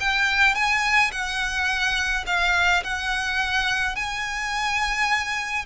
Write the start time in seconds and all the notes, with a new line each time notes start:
0.00 G5
0.55 G#5
1.12 F#5
2.26 F5
2.84 F#5
3.95 G#5